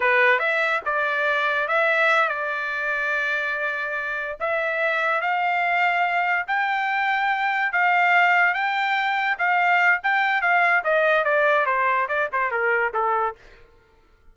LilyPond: \new Staff \with { instrumentName = "trumpet" } { \time 4/4 \tempo 4 = 144 b'4 e''4 d''2 | e''4. d''2~ d''8~ | d''2~ d''8 e''4.~ | e''8 f''2. g''8~ |
g''2~ g''8 f''4.~ | f''8 g''2 f''4. | g''4 f''4 dis''4 d''4 | c''4 d''8 c''8 ais'4 a'4 | }